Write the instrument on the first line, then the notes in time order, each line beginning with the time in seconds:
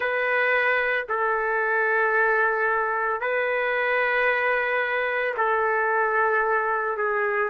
trumpet
0.00 B4
1.08 A4
3.20 B4
5.37 A4
6.97 G#4